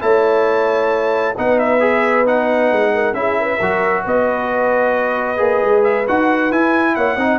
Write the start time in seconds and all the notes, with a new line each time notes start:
0.00 A3 E4 C#5 A5
1.37 B3 D#4 B4 F#5
1.58 E5
1.80 G#4
2.26 D#4 F#5
2.71 G#3
2.93 A#4
3.13 C#4 E4 G#4 E5
3.40 B4
3.58 F#3 F#4 A#4
4.04 B3 B4 D#5
5.37 A#3 G#4
5.62 G#3
5.83 E5
6.07 D#4 F#4 F#5
6.51 E4 G#5
6.95 A#3 C#5 F#5
7.16 C4 D#4 D#5